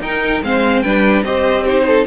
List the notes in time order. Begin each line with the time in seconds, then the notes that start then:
0.00 D#4 A#4 G5
0.43 G#3 C4 C5 F5
0.82 G3 D4 B4 G5
1.23 C4 G4 C5 D#5
1.63 D#4 G4 C5
1.87 A4